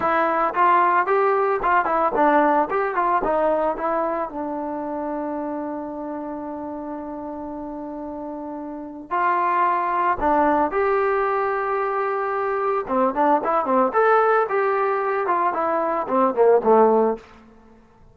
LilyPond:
\new Staff \with { instrumentName = "trombone" } { \time 4/4 \tempo 4 = 112 e'4 f'4 g'4 f'8 e'8 | d'4 g'8 f'8 dis'4 e'4 | d'1~ | d'1~ |
d'4 f'2 d'4 | g'1 | c'8 d'8 e'8 c'8 a'4 g'4~ | g'8 f'8 e'4 c'8 ais8 a4 | }